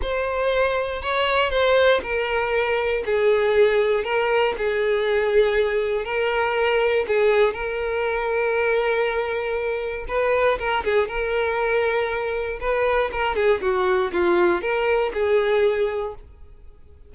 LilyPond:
\new Staff \with { instrumentName = "violin" } { \time 4/4 \tempo 4 = 119 c''2 cis''4 c''4 | ais'2 gis'2 | ais'4 gis'2. | ais'2 gis'4 ais'4~ |
ais'1 | b'4 ais'8 gis'8 ais'2~ | ais'4 b'4 ais'8 gis'8 fis'4 | f'4 ais'4 gis'2 | }